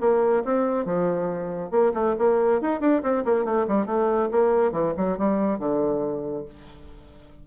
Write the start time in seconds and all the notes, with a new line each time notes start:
0.00 A#3
0.44 C4
0.85 F3
1.71 A#3
1.94 A3
2.18 A#3
2.61 D#4
2.80 D4
3.03 C4
3.25 A#3
3.45 A3
3.67 G3
3.86 A3
4.31 A#3
4.72 E3
4.97 F#3
5.18 G3
5.59 D3